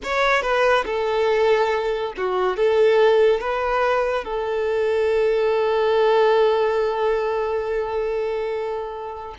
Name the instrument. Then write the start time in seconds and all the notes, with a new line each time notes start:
violin
0.03 C#5
0.41 B4
0.85 A4
2.17 F#4
2.56 A4
3.40 B4
4.24 A4